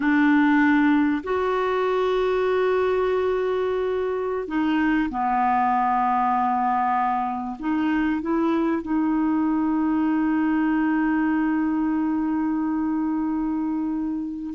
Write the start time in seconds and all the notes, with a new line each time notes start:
0.00 D4
1.23 F#4
4.47 D#4
5.09 B3
7.59 D#4
8.21 E4
8.81 D#4